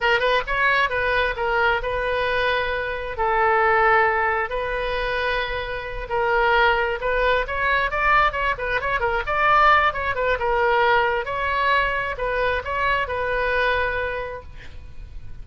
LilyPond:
\new Staff \with { instrumentName = "oboe" } { \time 4/4 \tempo 4 = 133 ais'8 b'8 cis''4 b'4 ais'4 | b'2. a'4~ | a'2 b'2~ | b'4. ais'2 b'8~ |
b'8 cis''4 d''4 cis''8 b'8 cis''8 | ais'8 d''4. cis''8 b'8 ais'4~ | ais'4 cis''2 b'4 | cis''4 b'2. | }